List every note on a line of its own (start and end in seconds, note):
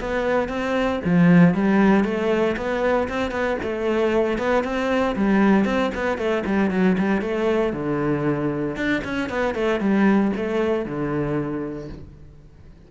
0.00 0.48 B3
0.48 1.00 C4
1.04 1.54 F3
1.54 2.04 G3
2.04 2.56 A3
2.56 3.08 B3
3.08 3.31 C4
3.31 3.57 B3
3.62 4.38 A3
4.38 4.63 B3
4.63 5.15 C4
5.15 5.65 G3
5.65 5.91 C4
5.94 6.17 B3
6.17 6.43 A3
6.45 6.70 G3
6.70 6.96 F#3
6.98 7.21 G3
7.21 7.73 A3
7.73 8.76 D3
8.76 9.02 D4
9.04 9.29 C#4
9.29 9.54 B3
9.54 9.80 A3
9.80 10.32 G3
10.36 10.85 A3
10.85 11.88 D3